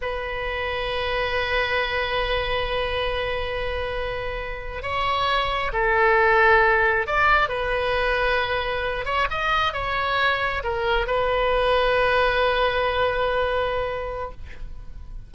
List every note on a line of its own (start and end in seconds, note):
0.01 4.82 B4
4.82 5.71 C#5
5.72 7.06 A4
7.06 7.48 D5
7.48 9.05 B4
9.05 9.27 C#5
9.30 9.73 D#5
9.73 10.62 C#5
10.63 11.06 A#4
11.06 14.31 B4